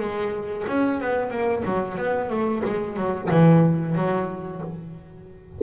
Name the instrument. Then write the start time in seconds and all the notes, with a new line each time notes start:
double bass
0.00 G#3
0.68 C#4
1.01 B3
1.31 A#3
1.65 F#3
1.98 B3
2.30 A3
2.65 G#3
2.97 F#3
3.31 E3
3.96 F#3